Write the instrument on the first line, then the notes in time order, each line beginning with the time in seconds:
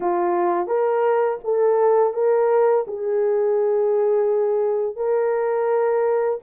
horn
0.00 F4
0.67 A#4
1.44 A4
2.13 A#4
2.87 G#4
4.96 A#4